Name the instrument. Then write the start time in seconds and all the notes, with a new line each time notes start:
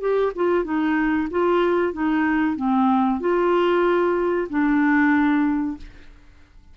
clarinet
0.00 G4
0.35 F4
0.64 D#4
1.30 F4
1.93 D#4
2.56 C4
3.20 F4
4.49 D4